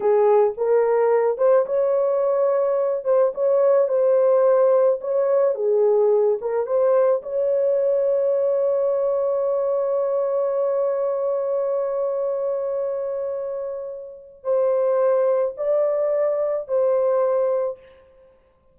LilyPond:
\new Staff \with { instrumentName = "horn" } { \time 4/4 \tempo 4 = 108 gis'4 ais'4. c''8 cis''4~ | cis''4. c''8 cis''4 c''4~ | c''4 cis''4 gis'4. ais'8 | c''4 cis''2.~ |
cis''1~ | cis''1~ | cis''2 c''2 | d''2 c''2 | }